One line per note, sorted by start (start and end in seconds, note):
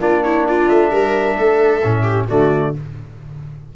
0.00 0.69 A#3
0.00 1.82 D4
0.00 0.24 F4
0.00 0.24 D5
0.24 0.48 E4
0.24 0.47 C#5
0.48 0.91 F4
0.48 0.69 D5
0.69 0.91 A3
0.69 2.28 E5
0.91 1.37 G3
0.91 1.37 A#4
1.38 1.84 A3
1.38 2.03 A4
1.84 2.30 A2
1.84 2.29 C#4
2.03 2.26 G4
2.29 2.76 D3
2.29 2.74 A3
2.29 2.74 F#4
2.29 2.76 D5